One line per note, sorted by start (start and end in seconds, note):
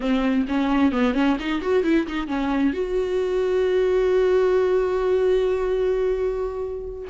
0.00 0.45 C4
0.47 0.91 C#4
0.91 1.14 B3
1.14 1.37 C#4
1.39 1.61 D#4
1.61 1.83 F#4
1.83 2.06 E4
2.07 2.27 D#4
2.27 2.73 C#4
2.73 7.08 F#4